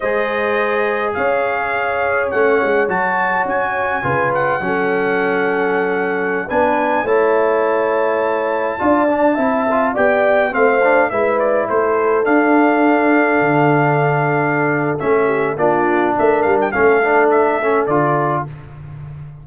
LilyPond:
<<
  \new Staff \with { instrumentName = "trumpet" } { \time 4/4 \tempo 4 = 104 dis''2 f''2 | fis''4 a''4 gis''4. fis''8~ | fis''2.~ fis''16 gis''8.~ | gis''16 a''2.~ a''8.~ |
a''4~ a''16 g''4 f''4 e''8 d''16~ | d''16 c''4 f''2~ f''8.~ | f''2 e''4 d''4 | e''8 f''16 g''16 f''4 e''4 d''4 | }
  \new Staff \with { instrumentName = "horn" } { \time 4/4 c''2 cis''2~ | cis''2. b'4 | a'2.~ a'16 b'8.~ | b'16 cis''2. d''8.~ |
d''16 e''4 d''4 c''4 b'8.~ | b'16 a'2.~ a'8.~ | a'2~ a'8 g'8 f'4 | ais'4 a'2. | }
  \new Staff \with { instrumentName = "trombone" } { \time 4/4 gis'1 | cis'4 fis'2 f'4 | cis'2.~ cis'16 d'8.~ | d'16 e'2. f'8 d'16~ |
d'16 e'8 f'8 g'4 c'8 d'8 e'8.~ | e'4~ e'16 d'2~ d'8.~ | d'2 cis'4 d'4~ | d'4 cis'8 d'4 cis'8 f'4 | }
  \new Staff \with { instrumentName = "tuba" } { \time 4/4 gis2 cis'2 | a8 gis8 fis4 cis'4 cis4 | fis2.~ fis16 b8.~ | b16 a2. d'8.~ |
d'16 c'4 b4 a4 gis8.~ | gis16 a4 d'2 d8.~ | d2 a4 ais4 | a8 g8 a2 d4 | }
>>